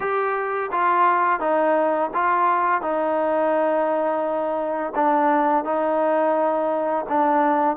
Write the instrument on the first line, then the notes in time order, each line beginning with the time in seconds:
trombone
0.00 G4
0.71 F4
1.39 D#4
2.14 F4
2.81 D#4
4.95 D4
5.64 D#4
7.08 D4